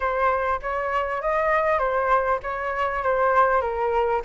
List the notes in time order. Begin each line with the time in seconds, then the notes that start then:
0.00 C5
0.61 C#5
1.21 D#5
1.79 C5
2.42 C#5
3.03 C5
3.61 A#4